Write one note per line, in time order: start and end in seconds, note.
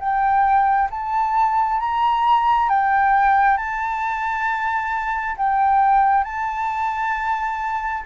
0.00 0.90 G5
0.91 1.80 A5
1.81 2.70 A#5
2.70 3.57 G5
3.57 5.36 A5
5.37 6.24 G5
6.24 8.04 A5